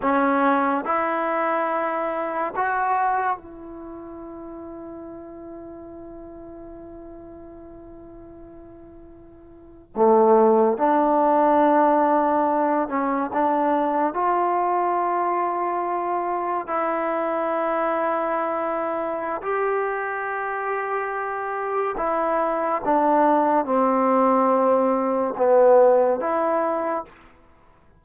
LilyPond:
\new Staff \with { instrumentName = "trombone" } { \time 4/4 \tempo 4 = 71 cis'4 e'2 fis'4 | e'1~ | e'2.~ e'8. a16~ | a8. d'2~ d'8 cis'8 d'16~ |
d'8. f'2. e'16~ | e'2. g'4~ | g'2 e'4 d'4 | c'2 b4 e'4 | }